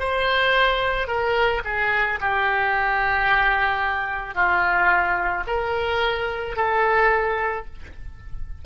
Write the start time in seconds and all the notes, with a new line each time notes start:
0.00 C5
1.08 A#4
1.65 G#4
2.21 G4
4.35 F4
5.47 A#4
6.57 A4